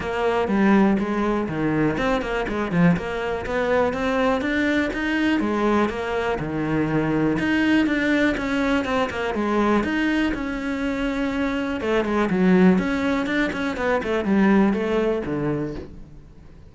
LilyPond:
\new Staff \with { instrumentName = "cello" } { \time 4/4 \tempo 4 = 122 ais4 g4 gis4 dis4 | c'8 ais8 gis8 f8 ais4 b4 | c'4 d'4 dis'4 gis4 | ais4 dis2 dis'4 |
d'4 cis'4 c'8 ais8 gis4 | dis'4 cis'2. | a8 gis8 fis4 cis'4 d'8 cis'8 | b8 a8 g4 a4 d4 | }